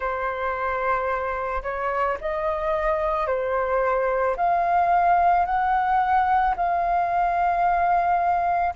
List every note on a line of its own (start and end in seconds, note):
0.00 1.62 C5
1.63 2.17 C#5
2.21 3.26 D#5
3.26 4.35 C5
4.36 5.45 F5
5.45 6.55 F#5
6.56 8.74 F5